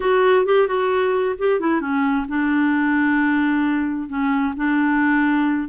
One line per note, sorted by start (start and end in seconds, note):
0.00 0.45 F#4
0.45 0.67 G4
0.67 1.35 F#4
1.38 1.60 G4
1.60 1.80 E4
1.80 2.26 C#4
2.28 4.08 D4
4.08 4.54 C#4
4.56 5.68 D4